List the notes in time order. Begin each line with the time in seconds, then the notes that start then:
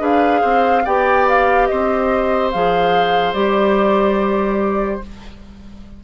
0.00 D4 G#4 B4 F5
0.41 C4 C5
0.85 B3 G4 D5 G5
1.29 F5
1.67 C4 C5 D#5
2.52 F3 G#4 F5
3.34 G3 G4 D5